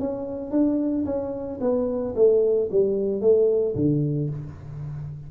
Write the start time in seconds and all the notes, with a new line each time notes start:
0.00 C#4
0.51 D4
1.05 C#4
1.60 B3
2.15 A3
2.71 G3
3.21 A3
3.75 D3